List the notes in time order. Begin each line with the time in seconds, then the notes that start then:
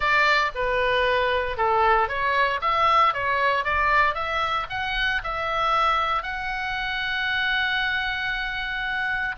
0.00 D5
0.55 B4
1.57 A4
2.08 C#5
2.61 E5
3.13 C#5
3.64 D5
4.14 E5
4.69 F#5
5.23 E5
6.22 F#5